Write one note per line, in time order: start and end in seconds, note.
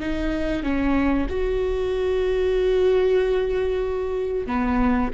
0.00 0.63 D#4
0.63 1.27 C#4
1.30 4.47 F#4
4.47 5.11 B3